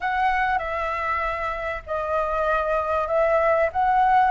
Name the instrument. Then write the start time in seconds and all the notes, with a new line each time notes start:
flute
0.00 F#5
0.58 E5
1.86 D#5
3.07 E5
3.72 F#5